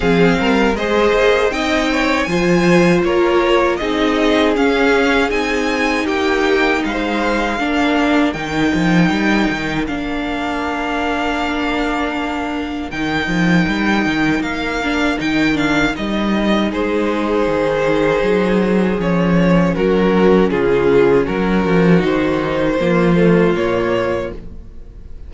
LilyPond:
<<
  \new Staff \with { instrumentName = "violin" } { \time 4/4 \tempo 4 = 79 f''4 dis''4 g''4 gis''4 | cis''4 dis''4 f''4 gis''4 | g''4 f''2 g''4~ | g''4 f''2.~ |
f''4 g''2 f''4 | g''8 f''8 dis''4 c''2~ | c''4 cis''4 ais'4 gis'4 | ais'4 c''2 cis''4 | }
  \new Staff \with { instrumentName = "violin" } { \time 4/4 gis'8 ais'8 c''4 dis''8 cis''8 c''4 | ais'4 gis'2. | g'4 c''4 ais'2~ | ais'1~ |
ais'1~ | ais'2 gis'2~ | gis'2 fis'4 f'4 | fis'2 f'2 | }
  \new Staff \with { instrumentName = "viola" } { \time 4/4 c'4 gis'4 dis'4 f'4~ | f'4 dis'4 cis'4 dis'4~ | dis'2 d'4 dis'4~ | dis'4 d'2.~ |
d'4 dis'2~ dis'8 d'8 | dis'8 d'8 dis'2.~ | dis'4 cis'2.~ | cis'4 dis'4 ais8 a8 ais4 | }
  \new Staff \with { instrumentName = "cello" } { \time 4/4 f8 g8 gis8 ais8 c'4 f4 | ais4 c'4 cis'4 c'4 | ais4 gis4 ais4 dis8 f8 | g8 dis8 ais2.~ |
ais4 dis8 f8 g8 dis8 ais4 | dis4 g4 gis4 dis4 | fis4 f4 fis4 cis4 | fis8 f8 dis4 f4 ais,4 | }
>>